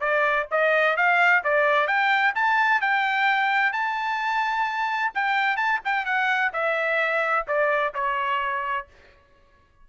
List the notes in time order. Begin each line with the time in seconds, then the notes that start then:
0.00 D5
0.51 D#5
0.96 F5
1.44 D5
1.87 G5
2.35 A5
2.81 G5
3.72 A5
5.14 G5
5.56 A5
5.85 G5
6.05 F#5
6.53 E5
7.47 D5
7.94 C#5